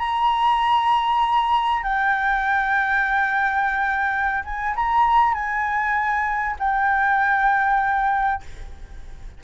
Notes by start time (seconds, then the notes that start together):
0.00 A#5
1.84 G5
4.45 G#5
4.76 A#5
5.35 G#5
6.60 G5